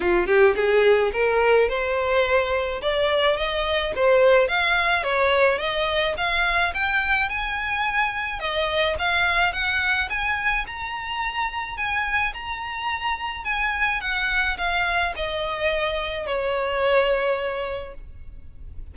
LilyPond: \new Staff \with { instrumentName = "violin" } { \time 4/4 \tempo 4 = 107 f'8 g'8 gis'4 ais'4 c''4~ | c''4 d''4 dis''4 c''4 | f''4 cis''4 dis''4 f''4 | g''4 gis''2 dis''4 |
f''4 fis''4 gis''4 ais''4~ | ais''4 gis''4 ais''2 | gis''4 fis''4 f''4 dis''4~ | dis''4 cis''2. | }